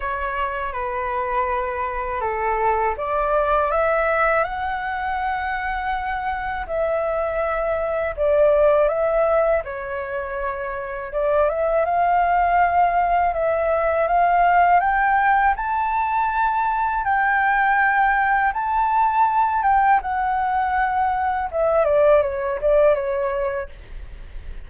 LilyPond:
\new Staff \with { instrumentName = "flute" } { \time 4/4 \tempo 4 = 81 cis''4 b'2 a'4 | d''4 e''4 fis''2~ | fis''4 e''2 d''4 | e''4 cis''2 d''8 e''8 |
f''2 e''4 f''4 | g''4 a''2 g''4~ | g''4 a''4. g''8 fis''4~ | fis''4 e''8 d''8 cis''8 d''8 cis''4 | }